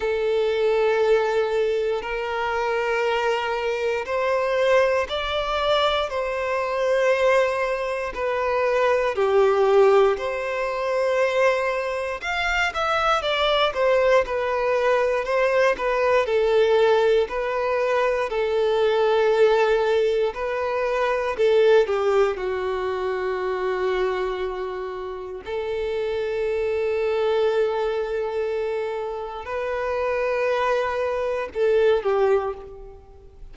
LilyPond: \new Staff \with { instrumentName = "violin" } { \time 4/4 \tempo 4 = 59 a'2 ais'2 | c''4 d''4 c''2 | b'4 g'4 c''2 | f''8 e''8 d''8 c''8 b'4 c''8 b'8 |
a'4 b'4 a'2 | b'4 a'8 g'8 fis'2~ | fis'4 a'2.~ | a'4 b'2 a'8 g'8 | }